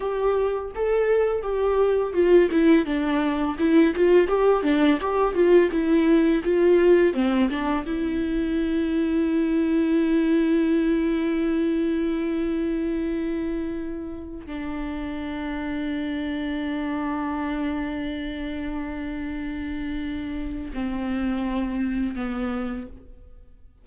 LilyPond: \new Staff \with { instrumentName = "viola" } { \time 4/4 \tempo 4 = 84 g'4 a'4 g'4 f'8 e'8 | d'4 e'8 f'8 g'8 d'8 g'8 f'8 | e'4 f'4 c'8 d'8 e'4~ | e'1~ |
e'1~ | e'16 d'2.~ d'8.~ | d'1~ | d'4 c'2 b4 | }